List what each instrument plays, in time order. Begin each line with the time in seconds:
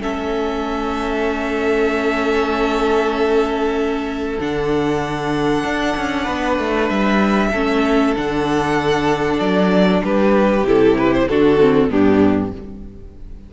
0.00 cello A3, viola C#4, violin A4 E5
4.39 cello D3, viola D4, violin F#5
5.64 cello D4
5.96 cello C#4
6.23 cello B3, violin B4
6.58 cello A3
6.89 cello G3, violin E5
7.52 cello A3, viola C#4, violin A4
8.15 cello D3, viola D4, violin F#5
9.39 cello F#3, violin D5
10.03 cello G3, violin G4 B4
10.63 cello C3, viola E4, violin A4
10.98 violin B4
11.13 violin C5
11.27 cello D3, viola D4, violin F#4 A4
11.60 viola C4
11.89 cello G2, viola B3, violin D4 G4